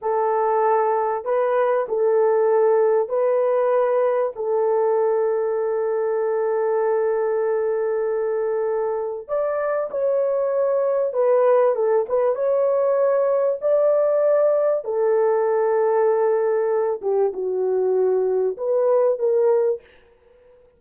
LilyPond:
\new Staff \with { instrumentName = "horn" } { \time 4/4 \tempo 4 = 97 a'2 b'4 a'4~ | a'4 b'2 a'4~ | a'1~ | a'2. d''4 |
cis''2 b'4 a'8 b'8 | cis''2 d''2 | a'2.~ a'8 g'8 | fis'2 b'4 ais'4 | }